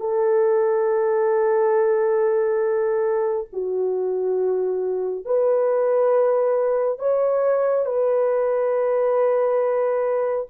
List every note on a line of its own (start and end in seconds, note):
0.00 3.48 A4
3.53 5.26 F#4
5.26 6.99 B4
6.99 7.86 C#5
7.86 10.47 B4